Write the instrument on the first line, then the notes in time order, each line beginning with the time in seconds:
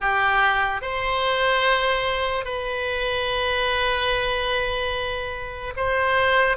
oboe
0.00 G4
0.81 C5
2.44 B4
5.76 C5